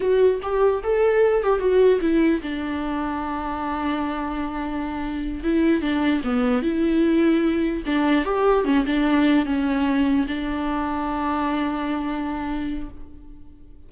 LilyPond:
\new Staff \with { instrumentName = "viola" } { \time 4/4 \tempo 4 = 149 fis'4 g'4 a'4. g'8 | fis'4 e'4 d'2~ | d'1~ | d'4. e'4 d'4 b8~ |
b8 e'2. d'8~ | d'8 g'4 cis'8 d'4. cis'8~ | cis'4. d'2~ d'8~ | d'1 | }